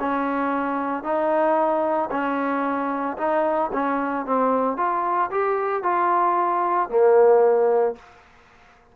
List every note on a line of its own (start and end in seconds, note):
0.00 1.04 C#4
1.04 2.10 D#4
2.11 3.17 C#4
3.18 3.71 D#4
3.73 4.26 C#4
4.26 4.77 C4
4.77 5.30 F4
5.31 5.83 G4
5.83 6.90 F4
6.90 7.96 A#3